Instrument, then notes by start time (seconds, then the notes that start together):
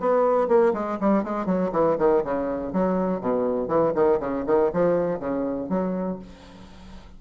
bassoon
0.00 B3
0.48 A#3
0.74 G#3
1.00 G3
1.24 G#3
1.46 F#3
1.72 E3
1.98 D#3
2.24 C#3
2.73 F#3
3.21 B2
3.68 E3
3.95 D#3
4.20 C#3
4.47 D#3
4.73 F3
5.20 C#3
5.69 F#3